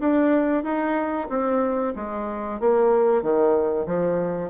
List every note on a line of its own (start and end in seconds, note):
0.00 0.63 D4
0.63 1.28 D#4
1.29 1.94 C4
1.96 2.60 G#3
2.60 3.22 A#3
3.22 3.86 D#3
3.86 4.50 F3